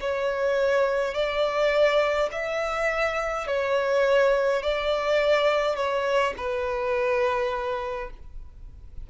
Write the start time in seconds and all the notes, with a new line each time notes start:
0.00 C#5
1.14 D5
2.32 E5
3.47 C#5
4.63 D5
5.76 C#5
6.37 B4